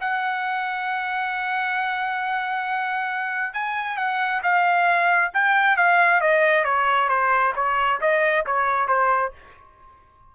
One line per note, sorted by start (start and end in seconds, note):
0.00 3.53 F#5
3.53 3.97 G#5
3.97 4.41 F#5
4.42 5.31 F5
5.33 5.76 G5
5.76 6.21 F5
6.21 6.64 D#5
6.64 7.09 C#5
7.09 7.53 C5
7.55 8.00 C#5
8.01 8.45 D#5
8.46 8.88 C#5
8.88 9.32 C5